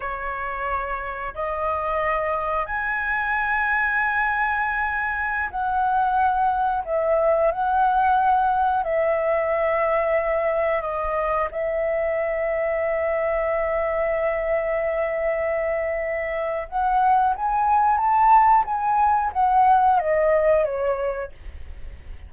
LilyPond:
\new Staff \with { instrumentName = "flute" } { \time 4/4 \tempo 4 = 90 cis''2 dis''2 | gis''1~ | gis''16 fis''2 e''4 fis''8.~ | fis''4~ fis''16 e''2~ e''8.~ |
e''16 dis''4 e''2~ e''8.~ | e''1~ | e''4 fis''4 gis''4 a''4 | gis''4 fis''4 dis''4 cis''4 | }